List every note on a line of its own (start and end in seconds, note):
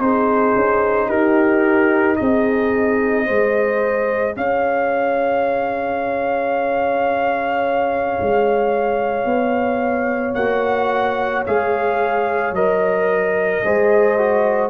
0.00 0.55 C4
0.00 3.27 D#4
0.00 1.08 G#4
0.00 1.10 C5
0.56 1.10 C#4
1.08 2.19 D#4
1.08 2.17 G4
1.08 2.17 A#4
2.17 3.29 C4
2.17 3.26 G#4
2.17 4.35 D#5
3.26 4.37 G#3
3.26 10.36 G#4
3.26 4.35 C5
4.37 8.18 C#4
4.37 13.64 C#5
4.37 10.35 F5
8.21 9.25 G#3
9.25 10.34 B3
10.35 11.45 A#3
10.35 11.47 F#4
10.35 11.44 F#5
11.46 12.52 G#3
11.46 12.56 G#4
11.46 12.55 F5
12.52 13.61 F#3
12.52 13.64 A#4
12.52 14.70 D#5
13.64 14.70 G#3
13.64 14.19 G#4
13.64 14.70 C5
14.19 14.70 F#4